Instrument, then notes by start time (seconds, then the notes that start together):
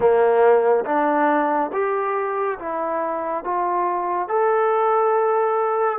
trombone
0.00 A#3
0.85 D4
1.72 G4
2.59 E4
3.44 F4
4.28 A4